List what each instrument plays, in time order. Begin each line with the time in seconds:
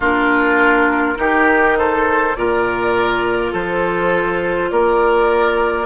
0.00 bassoon A#3, clarinet D4, oboe F4, flute A#4
1.15 bassoon D#3, clarinet D#4, oboe G4
1.77 oboe A4, flute C5
2.35 bassoon A#2, clarinet F4, oboe A#4, flute D5
3.51 bassoon F3, oboe A4, flute C5
4.70 bassoon A#3, oboe A#4, flute D5